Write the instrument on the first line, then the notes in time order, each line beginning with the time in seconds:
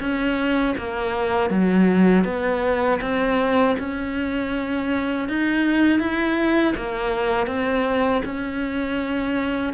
cello
0.00 C#4
0.77 A#3
1.50 F#3
2.24 B3
3.01 C4
3.79 C#4
5.28 D#4
5.99 E4
6.76 A#3
7.47 C4
8.25 C#4